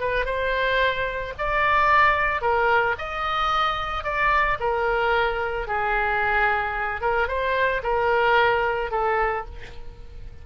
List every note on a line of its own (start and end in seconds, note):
0.00 0.26 B4
0.26 1.34 C5
1.39 2.42 D5
2.42 2.96 A#4
2.99 4.04 D#5
4.04 4.58 D5
4.60 5.68 A#4
5.68 7.01 G#4
7.01 7.28 A#4
7.28 7.82 C5
7.83 8.91 A#4
8.91 9.45 A4